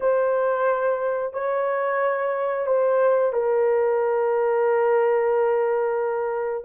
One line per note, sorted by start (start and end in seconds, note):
0.00 1.33 C5
1.33 2.66 C#5
2.66 3.32 C5
3.32 6.64 A#4